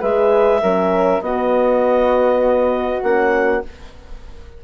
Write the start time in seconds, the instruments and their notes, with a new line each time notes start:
0.00 bassoon G#3, horn G#4, flute B4, clarinet E5
0.61 bassoon F#3, horn C#4, flute A#4
1.21 bassoon B3, horn B3, flute F#4, clarinet D#5
3.02 bassoon A#3, horn C#4, clarinet F#5